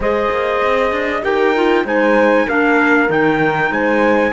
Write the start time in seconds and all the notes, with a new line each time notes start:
0.00 G#3 G#4 C5 D#5
0.30 A#3
0.64 C4
0.91 D4
1.23 D#4 G4 A#4 G5
1.55 F4
1.84 G#3 D#4 C5 G#5
2.46 A#3 D4 A#4 F5
3.08 D#3 D#4 G5
3.70 G#3 C5 G#5